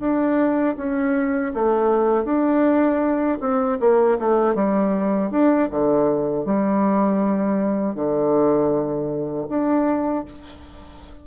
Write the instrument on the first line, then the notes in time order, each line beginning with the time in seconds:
bassoon
0.00 D4
0.77 C#4
1.55 A3
2.25 D4
3.41 C4
3.80 A#3
4.20 A3
4.55 G3
5.32 D4
5.71 D3
6.46 G3
7.95 D3
9.49 D4